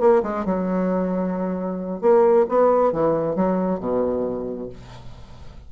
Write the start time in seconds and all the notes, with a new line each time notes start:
0.00 A#3
0.23 G#3
0.45 F#3
2.01 A#3
2.49 B3
2.92 E3
3.36 F#3
3.80 B2